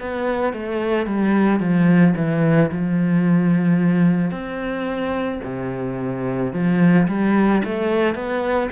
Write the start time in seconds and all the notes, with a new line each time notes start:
0.00 B3
0.53 A3
1.06 G3
1.60 F3
2.16 E3
2.71 F3
4.31 C4
5.43 C3
6.53 F3
7.08 G3
7.64 A3
8.15 B3